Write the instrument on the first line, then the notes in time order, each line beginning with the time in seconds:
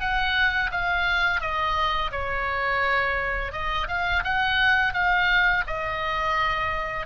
oboe
0.00 F#5
0.71 F5
1.41 D#5
2.11 C#5
3.52 D#5
3.88 F5
4.24 F#5
4.93 F5
5.67 D#5